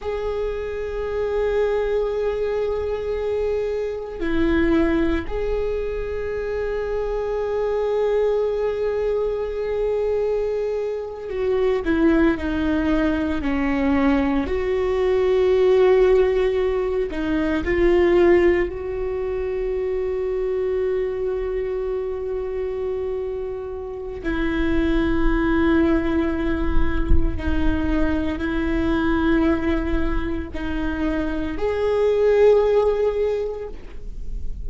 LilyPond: \new Staff \with { instrumentName = "viola" } { \time 4/4 \tempo 4 = 57 gis'1 | e'4 gis'2.~ | gis'2~ gis'8. fis'8 e'8 dis'16~ | dis'8. cis'4 fis'2~ fis'16~ |
fis'16 dis'8 f'4 fis'2~ fis'16~ | fis'2. e'4~ | e'2 dis'4 e'4~ | e'4 dis'4 gis'2 | }